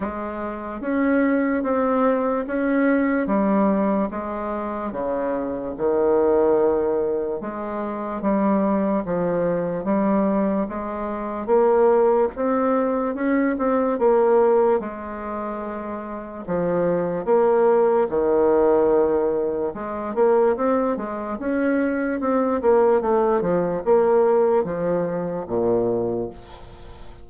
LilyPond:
\new Staff \with { instrumentName = "bassoon" } { \time 4/4 \tempo 4 = 73 gis4 cis'4 c'4 cis'4 | g4 gis4 cis4 dis4~ | dis4 gis4 g4 f4 | g4 gis4 ais4 c'4 |
cis'8 c'8 ais4 gis2 | f4 ais4 dis2 | gis8 ais8 c'8 gis8 cis'4 c'8 ais8 | a8 f8 ais4 f4 ais,4 | }